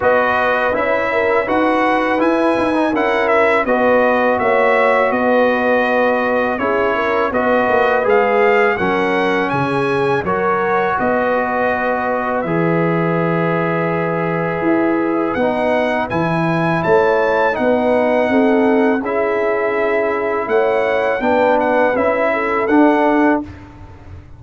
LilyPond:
<<
  \new Staff \with { instrumentName = "trumpet" } { \time 4/4 \tempo 4 = 82 dis''4 e''4 fis''4 gis''4 | fis''8 e''8 dis''4 e''4 dis''4~ | dis''4 cis''4 dis''4 f''4 | fis''4 gis''4 cis''4 dis''4~ |
dis''4 e''2.~ | e''4 fis''4 gis''4 a''4 | fis''2 e''2 | fis''4 g''8 fis''8 e''4 fis''4 | }
  \new Staff \with { instrumentName = "horn" } { \time 4/4 b'4. ais'8 b'2 | ais'4 b'4 cis''4 b'4~ | b'4 gis'8 ais'8 b'2 | ais'4 gis'4 ais'4 b'4~ |
b'1~ | b'2. cis''4 | b'4 a'4 gis'2 | cis''4 b'4. a'4. | }
  \new Staff \with { instrumentName = "trombone" } { \time 4/4 fis'4 e'4 fis'4 e'8. dis'16 | e'4 fis'2.~ | fis'4 e'4 fis'4 gis'4 | cis'2 fis'2~ |
fis'4 gis'2.~ | gis'4 dis'4 e'2 | dis'2 e'2~ | e'4 d'4 e'4 d'4 | }
  \new Staff \with { instrumentName = "tuba" } { \time 4/4 b4 cis'4 dis'4 e'8 dis'8 | cis'4 b4 ais4 b4~ | b4 cis'4 b8 ais8 gis4 | fis4 cis4 fis4 b4~ |
b4 e2. | e'4 b4 e4 a4 | b4 c'4 cis'2 | a4 b4 cis'4 d'4 | }
>>